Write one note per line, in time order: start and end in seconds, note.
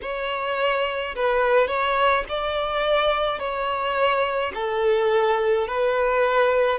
0.02 1.15 C#5
1.15 1.67 B4
1.67 2.24 C#5
2.28 3.39 D5
3.39 4.52 C#5
4.54 5.67 A4
5.67 6.79 B4